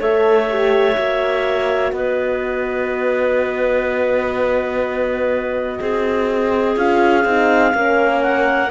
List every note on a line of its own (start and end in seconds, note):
0.00 0.97 A3
0.00 0.49 A4
0.00 1.94 C#5
0.00 1.93 E5
0.50 0.95 G4
0.95 1.93 A#3
0.95 6.75 F#4
1.93 5.80 B3
1.93 5.80 B4
1.93 6.76 D#5
5.80 6.77 C4
5.80 7.74 G#4
6.76 7.25 C#4
6.76 7.25 F4
6.76 8.23 F5
7.25 7.74 C4
7.25 7.73 D#4
7.73 8.71 A#3
7.73 8.70 C#4
7.73 8.71 A#4
8.23 8.71 F#5